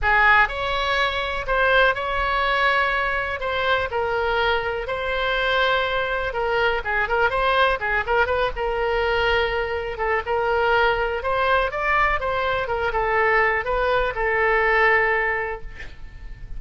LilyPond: \new Staff \with { instrumentName = "oboe" } { \time 4/4 \tempo 4 = 123 gis'4 cis''2 c''4 | cis''2. c''4 | ais'2 c''2~ | c''4 ais'4 gis'8 ais'8 c''4 |
gis'8 ais'8 b'8 ais'2~ ais'8~ | ais'8 a'8 ais'2 c''4 | d''4 c''4 ais'8 a'4. | b'4 a'2. | }